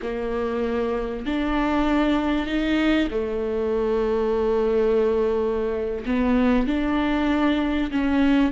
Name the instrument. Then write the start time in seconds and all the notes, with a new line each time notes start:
viola
0.02 A#3
1.25 D4
2.46 D#4
3.10 A3
6.05 B3
6.67 D4
7.91 C#4